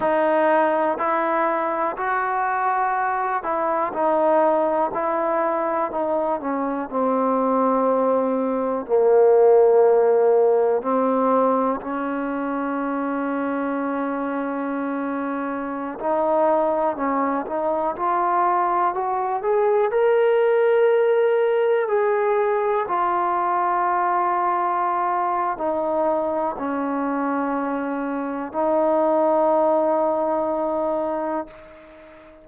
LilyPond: \new Staff \with { instrumentName = "trombone" } { \time 4/4 \tempo 4 = 61 dis'4 e'4 fis'4. e'8 | dis'4 e'4 dis'8 cis'8 c'4~ | c'4 ais2 c'4 | cis'1~ |
cis'16 dis'4 cis'8 dis'8 f'4 fis'8 gis'16~ | gis'16 ais'2 gis'4 f'8.~ | f'2 dis'4 cis'4~ | cis'4 dis'2. | }